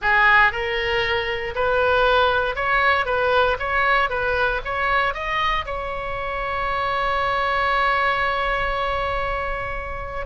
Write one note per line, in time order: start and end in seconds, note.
0.01 0.52 G#4
0.52 1.54 A#4
1.55 2.55 B4
2.55 3.05 C#5
3.05 3.57 B4
3.59 4.09 C#5
4.09 4.60 B4
4.64 5.14 C#5
5.14 5.65 D#5
5.65 10.26 C#5